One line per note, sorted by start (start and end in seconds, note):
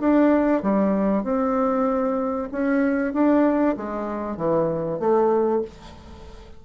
0.00 0.62 D4
0.63 1.24 G3
1.24 2.49 C4
2.52 3.13 C#4
3.13 3.76 D4
3.77 4.37 G#3
4.37 4.99 E3
4.99 5.62 A3